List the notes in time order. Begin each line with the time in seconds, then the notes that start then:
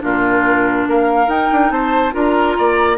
0.00 A#2 D4 F4 A#4
0.87 A#3 A#4 F5
1.28 D#4 G5
1.53 D4
1.71 C4 C5 A5
2.12 D4 F4 A#4 A#5
2.59 A#3 D5